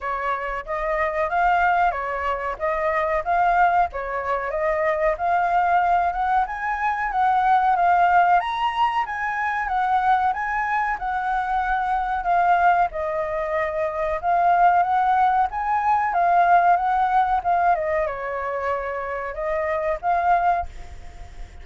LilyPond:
\new Staff \with { instrumentName = "flute" } { \time 4/4 \tempo 4 = 93 cis''4 dis''4 f''4 cis''4 | dis''4 f''4 cis''4 dis''4 | f''4. fis''8 gis''4 fis''4 | f''4 ais''4 gis''4 fis''4 |
gis''4 fis''2 f''4 | dis''2 f''4 fis''4 | gis''4 f''4 fis''4 f''8 dis''8 | cis''2 dis''4 f''4 | }